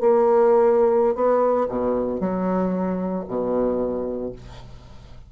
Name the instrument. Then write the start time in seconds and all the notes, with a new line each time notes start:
bassoon
0.00 A#3
1.15 B3
1.69 B2
2.20 F#3
3.28 B2